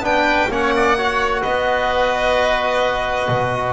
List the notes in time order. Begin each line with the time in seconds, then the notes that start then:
0.00 B3 D4 B4 G5
0.49 A#3 C#4 C#5 F#5
0.76 D5
0.98 F#4 C#5
1.42 B3 B4 D#5
3.28 B2